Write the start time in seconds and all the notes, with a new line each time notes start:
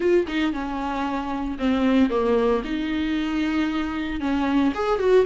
0.00 F4
0.27 D#4
0.52 C#4
1.58 C4
2.10 A#3
2.64 D#4
4.20 C#4
4.74 G#4
4.99 F#4